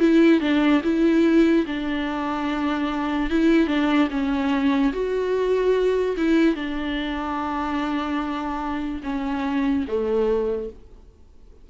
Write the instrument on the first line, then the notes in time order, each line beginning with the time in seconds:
viola
0.00 E4
0.41 D4
0.84 E4
1.67 D4
3.31 E4
3.68 D4
4.11 C#4
4.93 F#4
6.17 E4
6.55 D4
9.04 C#4
9.88 A3